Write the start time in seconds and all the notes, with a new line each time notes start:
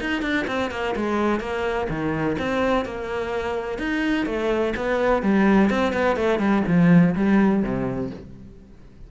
0.00 D#4
0.22 D4
0.47 C4
0.71 A#3
0.96 G#3
1.40 A#3
1.89 D#3
2.39 C4
2.85 A#3
3.78 D#4
4.26 A3
4.76 B3
5.22 G3
5.70 C4
5.93 B3
6.16 A3
6.39 G3
6.67 F3
7.15 G3
7.63 C3